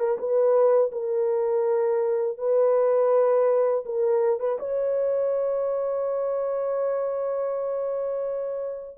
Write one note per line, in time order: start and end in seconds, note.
0.00 0.18 A#4
0.19 0.92 B4
0.92 2.38 A#4
2.38 3.84 B4
3.86 4.40 A#4
4.40 4.59 B4
4.59 8.98 C#5